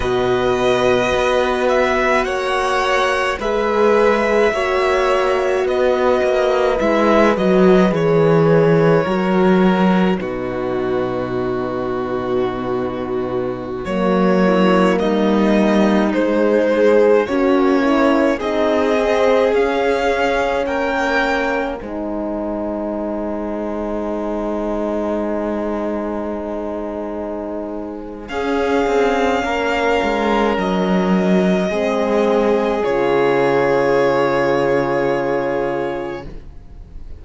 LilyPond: <<
  \new Staff \with { instrumentName = "violin" } { \time 4/4 \tempo 4 = 53 dis''4. e''8 fis''4 e''4~ | e''4 dis''4 e''8 dis''8 cis''4~ | cis''4 b'2.~ | b'16 cis''4 dis''4 c''4 cis''8.~ |
cis''16 dis''4 f''4 g''4 gis''8.~ | gis''1~ | gis''4 f''2 dis''4~ | dis''4 cis''2. | }
  \new Staff \with { instrumentName = "violin" } { \time 4/4 b'2 cis''4 b'4 | cis''4 b'2. | ais'4 fis'2.~ | fis'8. e'8 dis'2 cis'8.~ |
cis'16 gis'2 ais'4 c''8.~ | c''1~ | c''4 gis'4 ais'2 | gis'1 | }
  \new Staff \with { instrumentName = "horn" } { \time 4/4 fis'2. gis'4 | fis'2 e'8 fis'8 gis'4 | fis'4 dis'2.~ | dis'16 ais2 gis8 gis'8 fis'8 e'16~ |
e'16 dis'8 c'8 cis'2 dis'8.~ | dis'1~ | dis'4 cis'2. | c'4 f'2. | }
  \new Staff \with { instrumentName = "cello" } { \time 4/4 b,4 b4 ais4 gis4 | ais4 b8 ais8 gis8 fis8 e4 | fis4 b,2.~ | b,16 fis4 g4 gis4 ais8.~ |
ais16 c'4 cis'4 ais4 gis8.~ | gis1~ | gis4 cis'8 c'8 ais8 gis8 fis4 | gis4 cis2. | }
>>